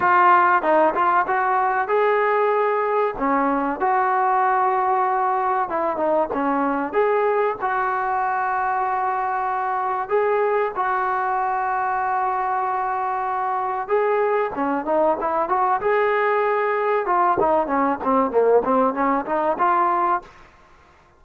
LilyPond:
\new Staff \with { instrumentName = "trombone" } { \time 4/4 \tempo 4 = 95 f'4 dis'8 f'8 fis'4 gis'4~ | gis'4 cis'4 fis'2~ | fis'4 e'8 dis'8 cis'4 gis'4 | fis'1 |
gis'4 fis'2.~ | fis'2 gis'4 cis'8 dis'8 | e'8 fis'8 gis'2 f'8 dis'8 | cis'8 c'8 ais8 c'8 cis'8 dis'8 f'4 | }